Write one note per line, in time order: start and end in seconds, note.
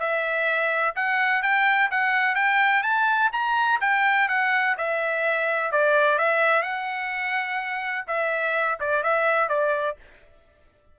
0.00 0.95 E5
0.96 1.43 F#5
1.43 1.90 G5
1.91 2.35 F#5
2.35 2.83 G5
2.83 3.31 A5
3.33 3.81 A#5
3.81 4.29 G5
4.29 4.76 F#5
4.78 5.72 E5
5.72 6.19 D5
6.19 6.63 E5
6.63 8.06 F#5
8.07 8.79 E5
8.80 9.03 D5
9.03 9.49 E5
9.49 9.97 D5